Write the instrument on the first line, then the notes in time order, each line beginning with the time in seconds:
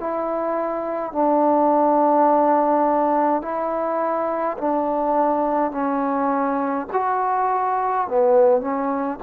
trombone
0.00 E4
1.12 D4
3.42 E4
4.58 D4
5.72 C#4
6.93 F#4
8.08 B3
8.61 C#4